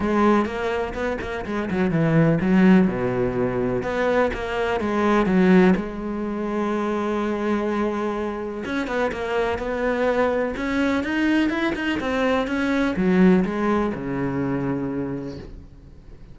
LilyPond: \new Staff \with { instrumentName = "cello" } { \time 4/4 \tempo 4 = 125 gis4 ais4 b8 ais8 gis8 fis8 | e4 fis4 b,2 | b4 ais4 gis4 fis4 | gis1~ |
gis2 cis'8 b8 ais4 | b2 cis'4 dis'4 | e'8 dis'8 c'4 cis'4 fis4 | gis4 cis2. | }